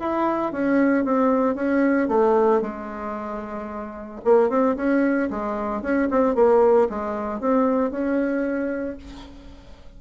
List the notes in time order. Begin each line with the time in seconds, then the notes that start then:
0.00 E4
0.53 C#4
1.05 C4
1.55 C#4
2.09 A3
2.62 G#3
4.25 A#3
4.50 C4
4.77 C#4
5.31 G#3
5.82 C#4
6.11 C4
6.35 A#3
6.90 G#3
7.40 C4
7.91 C#4